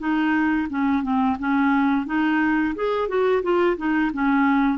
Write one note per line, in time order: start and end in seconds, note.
0.00 0.68 D#4
0.70 1.03 C#4
1.03 1.37 C4
1.39 2.07 C#4
2.07 2.75 D#4
2.76 3.09 G#4
3.09 3.43 F#4
3.43 3.77 F4
3.78 4.12 D#4
4.13 4.79 C#4